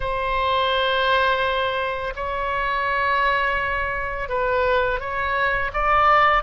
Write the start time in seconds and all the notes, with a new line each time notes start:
0.00 C5
2.15 C#5
4.28 B4
5.00 C#5
5.73 D5